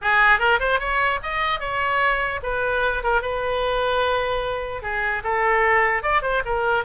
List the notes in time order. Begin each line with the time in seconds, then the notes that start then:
0.01 G#4
0.39 A#4
0.59 C5
0.79 C#5
1.22 D#5
1.59 C#5
2.43 B4
3.03 A#4
3.21 B4
4.82 G#4
5.23 A4
6.02 D5
6.22 C5
6.45 A#4